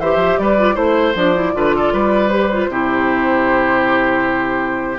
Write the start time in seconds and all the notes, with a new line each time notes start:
0.00 E3 G4 C5 E5
0.16 F3
0.39 G3 B4 D5
0.59 F4
0.75 A3 E4 C5
1.15 F3 D4 D5
1.35 E4
1.54 D3 F4 B4
1.76 A4
1.93 G3 B4
2.29 G4 C5
2.53 F4
2.69 C3 E4 G4